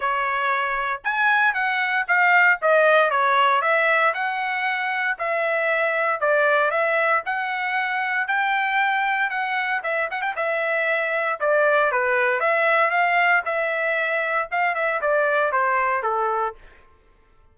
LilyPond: \new Staff \with { instrumentName = "trumpet" } { \time 4/4 \tempo 4 = 116 cis''2 gis''4 fis''4 | f''4 dis''4 cis''4 e''4 | fis''2 e''2 | d''4 e''4 fis''2 |
g''2 fis''4 e''8 fis''16 g''16 | e''2 d''4 b'4 | e''4 f''4 e''2 | f''8 e''8 d''4 c''4 a'4 | }